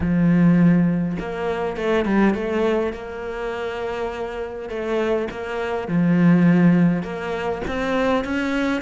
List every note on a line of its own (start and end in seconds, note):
0.00 1.17 F3
1.19 1.76 A#3
1.76 2.05 A3
2.05 2.34 G3
2.34 2.93 A3
2.93 4.69 A#3
4.69 5.28 A3
5.30 5.88 A#3
5.88 7.03 F3
7.03 7.61 A#3
7.67 8.24 C4
8.24 8.81 C#4